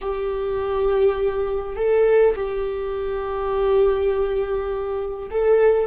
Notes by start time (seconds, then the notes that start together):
0.01 G4
1.75 A4
2.35 G4
5.30 A4